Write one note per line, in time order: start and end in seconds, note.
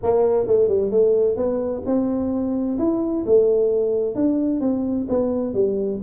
0.02 0.46 A#3
0.46 0.68 A3
0.68 0.90 G3
0.90 1.36 A3
1.36 1.82 B3
1.85 2.78 C4
2.78 3.24 E4
3.26 4.15 A3
4.15 4.60 D4
4.60 5.06 C4
5.09 5.54 B3
5.54 6.00 G3